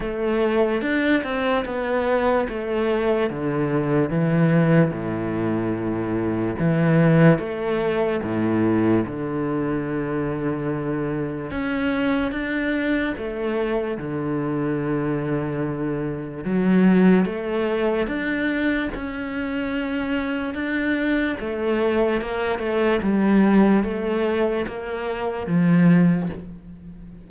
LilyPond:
\new Staff \with { instrumentName = "cello" } { \time 4/4 \tempo 4 = 73 a4 d'8 c'8 b4 a4 | d4 e4 a,2 | e4 a4 a,4 d4~ | d2 cis'4 d'4 |
a4 d2. | fis4 a4 d'4 cis'4~ | cis'4 d'4 a4 ais8 a8 | g4 a4 ais4 f4 | }